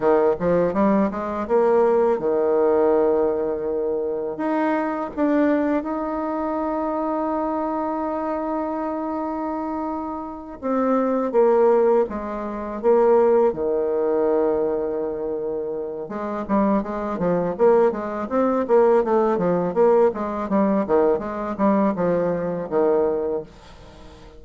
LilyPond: \new Staff \with { instrumentName = "bassoon" } { \time 4/4 \tempo 4 = 82 dis8 f8 g8 gis8 ais4 dis4~ | dis2 dis'4 d'4 | dis'1~ | dis'2~ dis'8 c'4 ais8~ |
ais8 gis4 ais4 dis4.~ | dis2 gis8 g8 gis8 f8 | ais8 gis8 c'8 ais8 a8 f8 ais8 gis8 | g8 dis8 gis8 g8 f4 dis4 | }